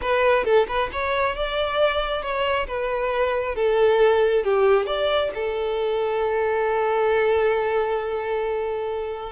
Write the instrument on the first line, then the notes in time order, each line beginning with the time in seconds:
violin
0.01 B4
0.44 A4
0.67 B4
0.92 C#5
1.35 D5
2.22 C#5
2.67 B4
3.55 A4
4.44 G4
4.86 D5
5.34 A4